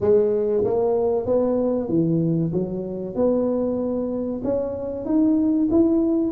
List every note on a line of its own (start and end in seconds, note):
0.00 0.63 G#3
0.64 1.26 A#3
1.26 1.89 B3
1.89 2.52 E3
2.52 3.15 F#3
3.15 4.41 B3
4.44 5.05 C#4
5.05 5.68 D#4
5.70 6.32 E4